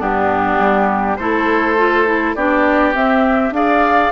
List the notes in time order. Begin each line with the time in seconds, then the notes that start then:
0.00 G2 B3 D4 G4
0.59 G3
1.17 A3 E4 A4 C5
1.78 F4
2.07 E4
2.36 B3 D4 G4 D5
2.94 C4 E5
3.51 D4 G#4 D5 F5